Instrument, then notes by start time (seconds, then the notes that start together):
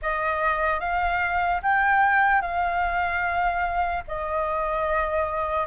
flute
0.02 D#5
0.80 F5
1.62 G5
2.41 F5
4.07 D#5